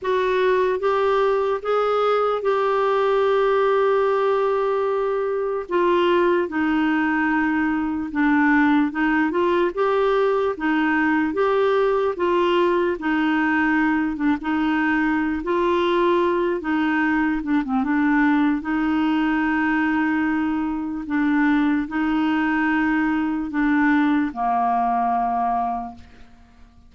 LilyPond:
\new Staff \with { instrumentName = "clarinet" } { \time 4/4 \tempo 4 = 74 fis'4 g'4 gis'4 g'4~ | g'2. f'4 | dis'2 d'4 dis'8 f'8 | g'4 dis'4 g'4 f'4 |
dis'4. d'16 dis'4~ dis'16 f'4~ | f'8 dis'4 d'16 c'16 d'4 dis'4~ | dis'2 d'4 dis'4~ | dis'4 d'4 ais2 | }